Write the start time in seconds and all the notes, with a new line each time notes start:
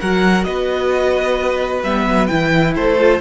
0.00 F#3 F#4 A#4 F#5
0.44 B3 B4 D#5
1.83 G3 B3 E5
2.06 F#3
2.27 E3 E4 G5
2.74 A3 A4 C5
2.98 F4